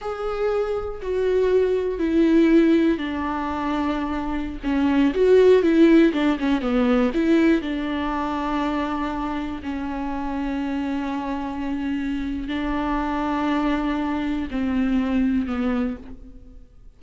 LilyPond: \new Staff \with { instrumentName = "viola" } { \time 4/4 \tempo 4 = 120 gis'2 fis'2 | e'2 d'2~ | d'4~ d'16 cis'4 fis'4 e'8.~ | e'16 d'8 cis'8 b4 e'4 d'8.~ |
d'2.~ d'16 cis'8.~ | cis'1~ | cis'4 d'2.~ | d'4 c'2 b4 | }